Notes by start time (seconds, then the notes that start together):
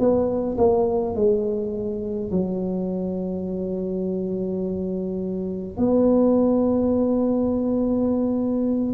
0.00 B3
0.58 A#3
1.16 G#3
2.31 F#3
5.78 B3